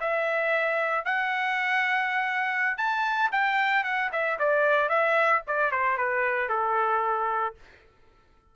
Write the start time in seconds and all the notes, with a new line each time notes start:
0.00 E5
1.05 F#5
2.77 A5
3.31 G5
3.83 F#5
4.12 E5
4.39 D5
4.88 E5
5.46 D5
5.71 C5
5.97 B4
6.49 A4